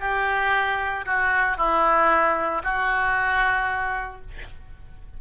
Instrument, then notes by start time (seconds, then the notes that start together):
oboe
0.00 G4
1.06 F#4
1.57 E4
2.63 F#4